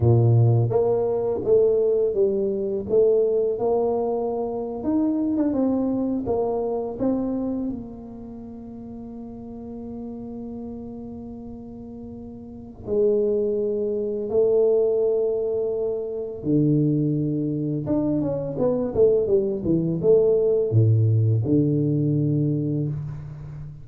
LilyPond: \new Staff \with { instrumentName = "tuba" } { \time 4/4 \tempo 4 = 84 ais,4 ais4 a4 g4 | a4 ais4.~ ais16 dis'8. d'16 c'16~ | c'8. ais4 c'4 ais4~ ais16~ | ais1~ |
ais2 gis2 | a2. d4~ | d4 d'8 cis'8 b8 a8 g8 e8 | a4 a,4 d2 | }